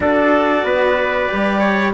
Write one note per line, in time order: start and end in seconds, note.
0.00 0.63 D4
0.00 1.29 F#4
0.00 0.65 A4
0.00 1.93 D5
0.63 1.28 B3
0.63 1.59 B4
1.29 1.93 G3
1.29 1.93 G4
1.59 1.91 C#5